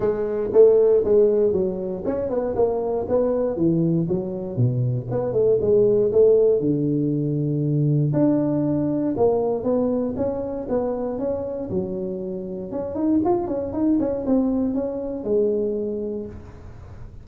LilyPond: \new Staff \with { instrumentName = "tuba" } { \time 4/4 \tempo 4 = 118 gis4 a4 gis4 fis4 | cis'8 b8 ais4 b4 e4 | fis4 b,4 b8 a8 gis4 | a4 d2. |
d'2 ais4 b4 | cis'4 b4 cis'4 fis4~ | fis4 cis'8 dis'8 f'8 cis'8 dis'8 cis'8 | c'4 cis'4 gis2 | }